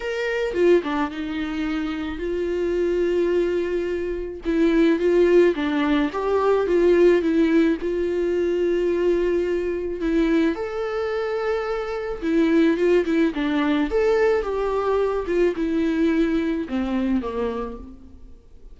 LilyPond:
\new Staff \with { instrumentName = "viola" } { \time 4/4 \tempo 4 = 108 ais'4 f'8 d'8 dis'2 | f'1 | e'4 f'4 d'4 g'4 | f'4 e'4 f'2~ |
f'2 e'4 a'4~ | a'2 e'4 f'8 e'8 | d'4 a'4 g'4. f'8 | e'2 c'4 ais4 | }